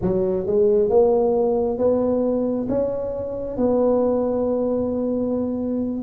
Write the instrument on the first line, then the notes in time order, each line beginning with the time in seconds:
tuba
0.01 F#3
0.46 G#3
0.89 A#3
1.77 B3
2.69 C#4
3.57 B3